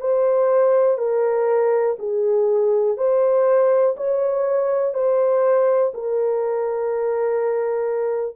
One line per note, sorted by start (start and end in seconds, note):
0.00 0.98 C5
0.98 1.96 A#4
1.99 2.97 G#4
2.97 3.95 C5
3.97 4.94 C#5
4.94 5.92 C5
5.94 8.36 A#4